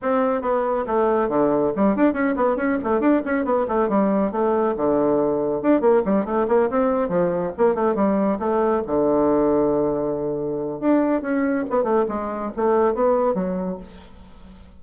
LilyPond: \new Staff \with { instrumentName = "bassoon" } { \time 4/4 \tempo 4 = 139 c'4 b4 a4 d4 | g8 d'8 cis'8 b8 cis'8 a8 d'8 cis'8 | b8 a8 g4 a4 d4~ | d4 d'8 ais8 g8 a8 ais8 c'8~ |
c'8 f4 ais8 a8 g4 a8~ | a8 d2.~ d8~ | d4 d'4 cis'4 b8 a8 | gis4 a4 b4 fis4 | }